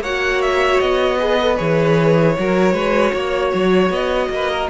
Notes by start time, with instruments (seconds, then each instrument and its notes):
0.00 cello A#3, viola F#4, violin C#5 F#5
0.42 violin E5
0.80 cello B3, violin D#5
1.18 viola G#4, violin B4
1.40 viola A4
1.56 cello E3, viola G#4, violin C#5
2.38 cello F#3, viola F#4, violin A#4
2.73 cello G#3, violin B4
3.13 cello A#3, violin C#5
3.54 cello F#3
3.90 cello B3, violin D#5
4.29 cello A#3, violin B4
4.51 violin A#4